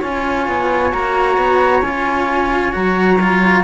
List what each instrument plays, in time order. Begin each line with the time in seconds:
0.00 cello C#4 F4, trumpet C#5, flute G#5
0.48 cello B3
0.91 cello A#3 F#4, flute A#5
1.37 cello B3
1.82 cello C#4 F4, flute G#5
2.72 cello F#3 F#4, flute A#5
3.20 cello F4